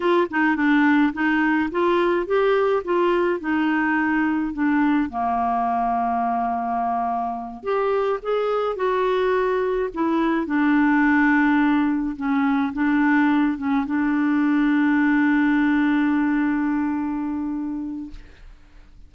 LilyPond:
\new Staff \with { instrumentName = "clarinet" } { \time 4/4 \tempo 4 = 106 f'8 dis'8 d'4 dis'4 f'4 | g'4 f'4 dis'2 | d'4 ais2.~ | ais4. g'4 gis'4 fis'8~ |
fis'4. e'4 d'4.~ | d'4. cis'4 d'4. | cis'8 d'2.~ d'8~ | d'1 | }